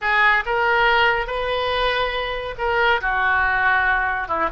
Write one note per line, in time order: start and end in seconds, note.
0.01 0.44 G#4
0.45 1.26 A#4
1.26 2.55 B4
2.58 3.00 A#4
3.01 4.27 F#4
4.27 4.49 E4